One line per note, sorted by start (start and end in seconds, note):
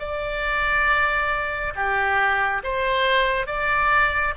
0.00 1.74 D5
1.76 2.63 G4
2.64 3.47 C5
3.47 4.34 D5